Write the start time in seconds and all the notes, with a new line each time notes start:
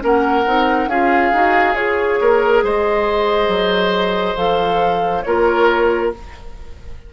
0.00 A#3 C#4 A#4 F#5
0.46 C4 D#4
0.87 C#4 F4 G#4 F5
1.32 D#4 F#4
1.74 F4 G#4 C#5
2.21 A#3 A#4
2.62 G#3 C5 D#5
3.48 F#3
4.35 F3 A4 F5
5.22 A#3 F4 A#4 C#5